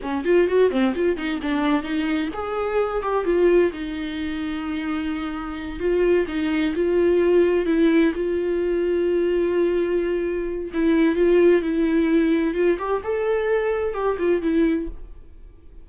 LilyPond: \new Staff \with { instrumentName = "viola" } { \time 4/4 \tempo 4 = 129 cis'8 f'8 fis'8 c'8 f'8 dis'8 d'4 | dis'4 gis'4. g'8 f'4 | dis'1~ | dis'8 f'4 dis'4 f'4.~ |
f'8 e'4 f'2~ f'8~ | f'2. e'4 | f'4 e'2 f'8 g'8 | a'2 g'8 f'8 e'4 | }